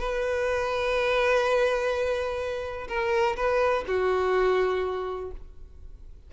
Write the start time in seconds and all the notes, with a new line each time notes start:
0.00 B4
2.88 A#4
3.37 B4
3.87 F#4